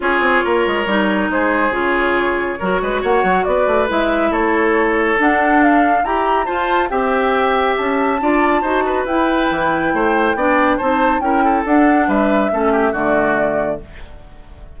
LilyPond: <<
  \new Staff \with { instrumentName = "flute" } { \time 4/4 \tempo 4 = 139 cis''2. c''4 | cis''2. fis''4 | d''4 e''4 cis''2 | fis''4 f''4 ais''4 a''4 |
g''2 a''2~ | a''4 g''2.~ | g''4 a''4 g''4 fis''4 | e''2 d''2 | }
  \new Staff \with { instrumentName = "oboe" } { \time 4/4 gis'4 ais'2 gis'4~ | gis'2 ais'8 b'8 cis''4 | b'2 a'2~ | a'2 g'4 c''4 |
e''2. d''4 | c''8 b'2~ b'8 c''4 | d''4 c''4 ais'8 a'4. | b'4 a'8 g'8 fis'2 | }
  \new Staff \with { instrumentName = "clarinet" } { \time 4/4 f'2 dis'2 | f'2 fis'2~ | fis'4 e'2. | d'2 g'4 f'4 |
g'2. f'4 | fis'4 e'2. | d'4 dis'4 e'4 d'4~ | d'4 cis'4 a2 | }
  \new Staff \with { instrumentName = "bassoon" } { \time 4/4 cis'8 c'8 ais8 gis8 g4 gis4 | cis2 fis8 gis8 ais8 fis8 | b8 a8 gis4 a2 | d'2 e'4 f'4 |
c'2 cis'4 d'4 | dis'4 e'4 e4 a4 | b4 c'4 cis'4 d'4 | g4 a4 d2 | }
>>